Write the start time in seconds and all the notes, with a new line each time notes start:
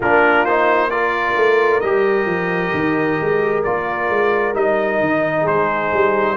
0.00 A#3 D4 F4 A#4
0.45 D#4 C5
0.90 F4 A#4 D5
1.36 A3
1.80 G3 G4 D#5
2.25 F3
2.73 D#3
3.20 G#3
3.63 A#3 F4 D5
4.09 G#3
4.54 G3 D#4 D#5
4.99 D#3
5.41 G#3 G#4 C5
5.92 G3